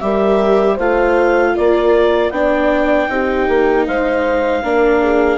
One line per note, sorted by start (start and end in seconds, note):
0.00 0.79 G3
0.00 0.78 G4
0.00 0.74 A#4
0.00 0.77 E5
0.74 1.56 A3
0.74 1.51 C5
0.74 1.57 F5
0.80 2.33 F4
1.56 2.31 A#3
1.56 2.33 A#4
1.56 2.31 D5
2.31 3.08 B3
2.31 3.09 D4
2.31 3.10 D5
2.31 3.85 G5
3.09 3.48 C4
3.09 4.63 D#4
3.09 3.87 G4
3.49 3.87 A#3
3.87 4.64 G#3
3.87 4.63 C5
3.87 5.38 F5
4.63 5.38 A#3
4.63 5.38 D4
4.63 5.02 A#4
5.02 5.38 G#4